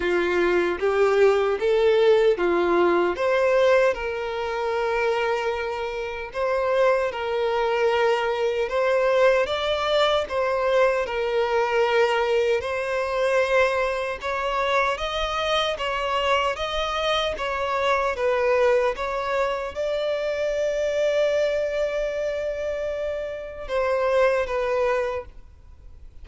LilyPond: \new Staff \with { instrumentName = "violin" } { \time 4/4 \tempo 4 = 76 f'4 g'4 a'4 f'4 | c''4 ais'2. | c''4 ais'2 c''4 | d''4 c''4 ais'2 |
c''2 cis''4 dis''4 | cis''4 dis''4 cis''4 b'4 | cis''4 d''2.~ | d''2 c''4 b'4 | }